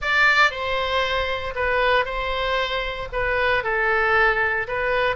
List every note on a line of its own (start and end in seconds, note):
0.01 0.50 D5
0.50 1.54 C5
1.55 2.05 B4
2.05 3.08 C5
3.12 3.63 B4
3.63 4.67 A4
4.67 5.16 B4